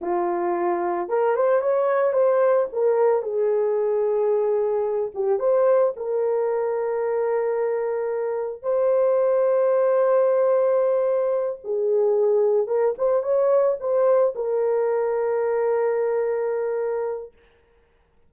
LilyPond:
\new Staff \with { instrumentName = "horn" } { \time 4/4 \tempo 4 = 111 f'2 ais'8 c''8 cis''4 | c''4 ais'4 gis'2~ | gis'4. g'8 c''4 ais'4~ | ais'1 |
c''1~ | c''4. gis'2 ais'8 | c''8 cis''4 c''4 ais'4.~ | ais'1 | }